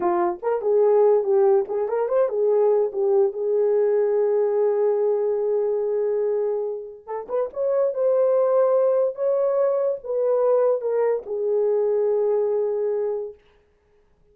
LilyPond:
\new Staff \with { instrumentName = "horn" } { \time 4/4 \tempo 4 = 144 f'4 ais'8 gis'4. g'4 | gis'8 ais'8 c''8 gis'4. g'4 | gis'1~ | gis'1~ |
gis'4 a'8 b'8 cis''4 c''4~ | c''2 cis''2 | b'2 ais'4 gis'4~ | gis'1 | }